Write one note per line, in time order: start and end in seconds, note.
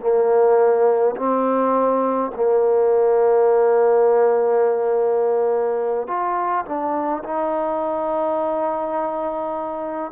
0.00 1.15 A#3
1.16 2.31 C4
2.35 6.07 A#3
6.07 6.65 F4
6.65 7.23 D4
7.23 10.11 D#4